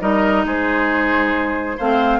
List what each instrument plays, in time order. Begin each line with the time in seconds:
0.00 bassoon G3, clarinet D#4, oboe A#4, flute D#5
0.46 bassoon G#3, oboe G#4, flute C5
1.77 bassoon A3, clarinet C4, oboe C5, flute F5